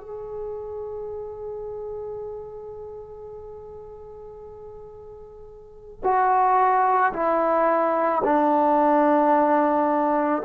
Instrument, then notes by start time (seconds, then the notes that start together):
trombone
0.00 G#4
6.03 F#4
7.13 E4
8.24 D4